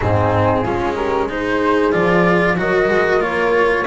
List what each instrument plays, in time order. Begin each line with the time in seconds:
0.00 double bass G#2, cello C4, horn D#4, flute G#4
0.62 double bass G#3, cello C#4, horn F4
0.95 horn G4, flute A#4
1.28 cello D#4, horn G#4, flute C5
1.92 double bass F3, cello F4, flute D5
2.57 double bass F#3, cello F#4, horn A#4, flute D#5
2.88 double bass G#3
3.19 double bass A#3, cello F4, flute C#5